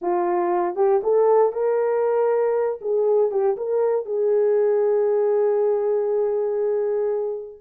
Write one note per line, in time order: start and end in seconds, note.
0.01 0.75 F4
0.75 1.01 G4
1.03 1.52 A4
1.52 2.79 A#4
2.81 3.31 G#4
3.31 3.56 G4
3.57 4.05 A#4
4.05 7.61 G#4